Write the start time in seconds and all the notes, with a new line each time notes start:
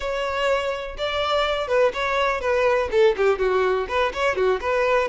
0.00 C#5
0.97 D5
1.67 B4
1.93 C#5
2.40 B4
2.91 A4
3.16 G4
3.38 F#4
3.88 B4
4.13 C#5
4.35 F#4
4.60 B4